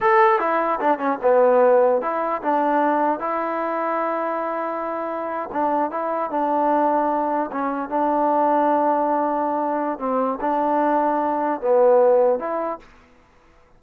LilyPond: \new Staff \with { instrumentName = "trombone" } { \time 4/4 \tempo 4 = 150 a'4 e'4 d'8 cis'8 b4~ | b4 e'4 d'2 | e'1~ | e'4.~ e'16 d'4 e'4 d'16~ |
d'2~ d'8. cis'4 d'16~ | d'1~ | d'4 c'4 d'2~ | d'4 b2 e'4 | }